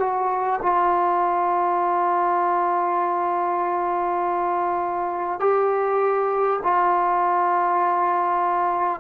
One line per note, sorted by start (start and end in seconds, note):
0.00 0.60 F#4
0.62 5.40 F4
5.40 6.60 G4
6.63 9.01 F4